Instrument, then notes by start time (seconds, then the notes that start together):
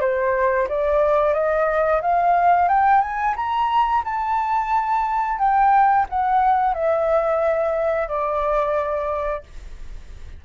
flute
0.00 C5
0.68 D5
1.33 D#5
2.01 F5
2.68 G5
3.01 G#5
3.36 A#5
4.04 A5
5.38 G5
6.09 F#5
6.74 E5
8.08 D5